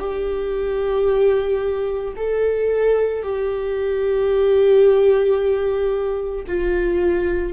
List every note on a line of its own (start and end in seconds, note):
0.00 2.14 G4
2.17 3.23 A4
3.23 6.45 G4
6.48 7.53 F4